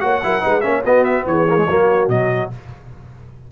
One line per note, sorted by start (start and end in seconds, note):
0.00 0.23 A#3
0.00 0.21 F#4
0.00 0.22 C#5
0.00 0.61 F#5
0.23 0.44 F#3
0.23 0.40 E4
0.23 0.42 A#4
0.40 0.64 G#3
0.40 0.61 D#4
0.40 0.63 B4
0.61 0.84 A#3
0.61 0.83 C#4
0.61 0.84 C#5
0.61 0.81 E5
0.84 1.25 B3
0.84 1.47 B3
0.84 1.26 F#4
0.84 1.04 D#5
1.04 1.24 E5
1.26 1.67 E3
1.26 1.68 G#4
1.26 2.09 C#5
1.49 1.56 A#3
1.56 1.67 G#3
1.67 2.08 F#3
1.67 2.10 A#3
1.67 2.51 F#4
2.08 2.49 B2
2.08 2.51 F#3
2.08 2.50 D#5